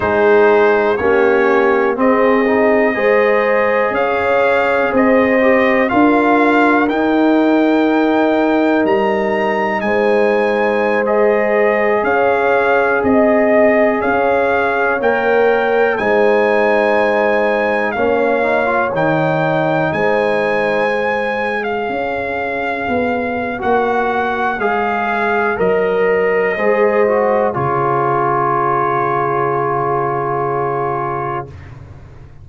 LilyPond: <<
  \new Staff \with { instrumentName = "trumpet" } { \time 4/4 \tempo 4 = 61 c''4 cis''4 dis''2 | f''4 dis''4 f''4 g''4~ | g''4 ais''4 gis''4~ gis''16 dis''8.~ | dis''16 f''4 dis''4 f''4 g''8.~ |
g''16 gis''2 f''4 g''8.~ | g''16 gis''4.~ gis''16 f''2 | fis''4 f''4 dis''2 | cis''1 | }
  \new Staff \with { instrumentName = "horn" } { \time 4/4 gis'4 g'4 gis'4 c''4 | cis''4 c''4 ais'2~ | ais'2 c''2~ | c''16 cis''4 dis''4 cis''4.~ cis''16~ |
cis''16 c''2 cis''4.~ cis''16~ | cis''16 c''4.~ c''16 cis''2~ | cis''2. c''4 | gis'1 | }
  \new Staff \with { instrumentName = "trombone" } { \time 4/4 dis'4 cis'4 c'8 dis'8 gis'4~ | gis'4. g'8 f'4 dis'4~ | dis'2.~ dis'16 gis'8.~ | gis'2.~ gis'16 ais'8.~ |
ais'16 dis'2 cis'8 dis'16 f'16 dis'8.~ | dis'4~ dis'16 gis'2~ gis'8. | fis'4 gis'4 ais'4 gis'8 fis'8 | f'1 | }
  \new Staff \with { instrumentName = "tuba" } { \time 4/4 gis4 ais4 c'4 gis4 | cis'4 c'4 d'4 dis'4~ | dis'4 g4 gis2~ | gis16 cis'4 c'4 cis'4 ais8.~ |
ais16 gis2 ais4 dis8.~ | dis16 gis2 cis'4 b8. | ais4 gis4 fis4 gis4 | cis1 | }
>>